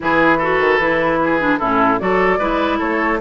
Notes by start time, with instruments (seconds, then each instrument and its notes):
0.00 bassoon E3, clarinet E4, oboe G#4, flute B4
0.37 clarinet F#4, oboe A4
0.60 bassoon D#3
0.79 bassoon E3, clarinet E4
1.23 oboe G#4
1.39 clarinet D4
1.58 bassoon A2, clarinet C#4, oboe E4, flute A4
1.99 bassoon F#3, clarinet F#4, oboe A4, flute D5
2.39 bassoon G#3, clarinet E4, oboe B4
2.78 bassoon A3, oboe A4, flute C#5